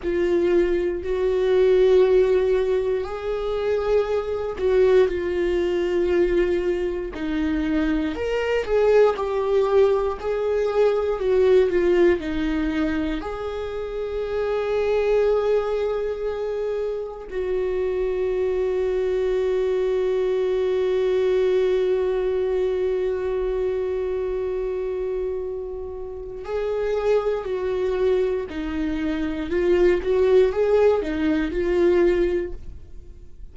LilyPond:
\new Staff \with { instrumentName = "viola" } { \time 4/4 \tempo 4 = 59 f'4 fis'2 gis'4~ | gis'8 fis'8 f'2 dis'4 | ais'8 gis'8 g'4 gis'4 fis'8 f'8 | dis'4 gis'2.~ |
gis'4 fis'2.~ | fis'1~ | fis'2 gis'4 fis'4 | dis'4 f'8 fis'8 gis'8 dis'8 f'4 | }